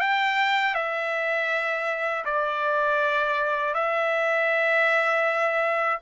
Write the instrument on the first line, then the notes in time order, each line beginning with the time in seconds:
trumpet
0.00 G5
0.75 E5
2.25 D5
3.74 E5